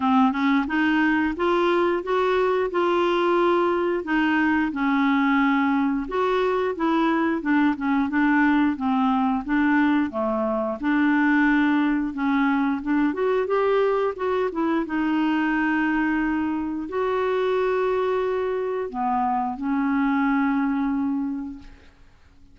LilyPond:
\new Staff \with { instrumentName = "clarinet" } { \time 4/4 \tempo 4 = 89 c'8 cis'8 dis'4 f'4 fis'4 | f'2 dis'4 cis'4~ | cis'4 fis'4 e'4 d'8 cis'8 | d'4 c'4 d'4 a4 |
d'2 cis'4 d'8 fis'8 | g'4 fis'8 e'8 dis'2~ | dis'4 fis'2. | b4 cis'2. | }